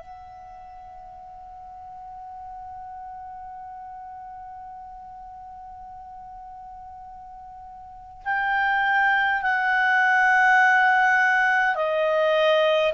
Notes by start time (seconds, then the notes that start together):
0.00 F#5
8.25 G5
9.42 F#5
11.76 D#5